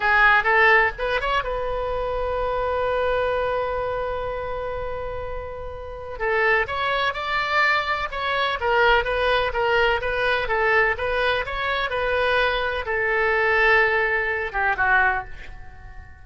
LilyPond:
\new Staff \with { instrumentName = "oboe" } { \time 4/4 \tempo 4 = 126 gis'4 a'4 b'8 cis''8 b'4~ | b'1~ | b'1~ | b'4 a'4 cis''4 d''4~ |
d''4 cis''4 ais'4 b'4 | ais'4 b'4 a'4 b'4 | cis''4 b'2 a'4~ | a'2~ a'8 g'8 fis'4 | }